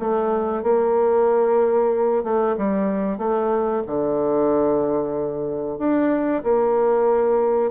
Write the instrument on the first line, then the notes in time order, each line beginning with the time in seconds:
bassoon
0.00 A3
0.63 A#3
2.24 A3
2.57 G3
3.18 A3
3.87 D3
5.79 D4
6.43 A#3